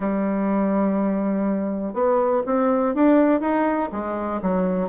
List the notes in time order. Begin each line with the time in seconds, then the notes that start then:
0.00 G3
1.93 B3
2.45 C4
2.94 D4
3.40 D#4
3.92 G#3
4.41 F#3